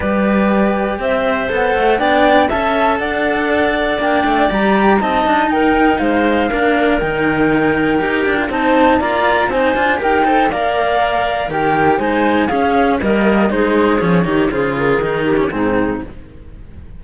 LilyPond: <<
  \new Staff \with { instrumentName = "flute" } { \time 4/4 \tempo 4 = 120 d''2 e''4 fis''4 | g''4 a''4 fis''2 | g''4 ais''4 a''4 g''4 | f''2 g''2~ |
g''4 a''4 ais''4 gis''4 | g''4 f''2 g''4 | gis''4 f''4 dis''4 c''4 | cis''4 c''8 ais'4. gis'4 | }
  \new Staff \with { instrumentName = "clarinet" } { \time 4/4 b'2 c''2 | d''4 e''4 d''2~ | d''2 dis''4 ais'4 | c''4 ais'2.~ |
ais'4 c''4 d''4 c''4 | ais'8 c''8 d''2 ais'4 | c''4 gis'4 ais'4 gis'4~ | gis'8 g'8 gis'4. g'8 dis'4 | }
  \new Staff \with { instrumentName = "cello" } { \time 4/4 g'2. a'4 | d'4 a'2. | d'4 g'4 dis'2~ | dis'4 d'4 dis'2 |
g'8. f'16 dis'4 f'4 dis'8 f'8 | g'8 a'8 ais'2 g'4 | dis'4 cis'4 ais4 dis'4 | cis'8 dis'8 f'4 dis'8. cis'16 c'4 | }
  \new Staff \with { instrumentName = "cello" } { \time 4/4 g2 c'4 b8 a8 | b4 cis'4 d'2 | ais8 a8 g4 c'8 d'8 dis'4 | gis4 ais4 dis2 |
dis'8 d'8 c'4 ais4 c'8 d'8 | dis'4 ais2 dis4 | gis4 cis'4 g4 gis4 | f8 dis8 cis4 dis4 gis,4 | }
>>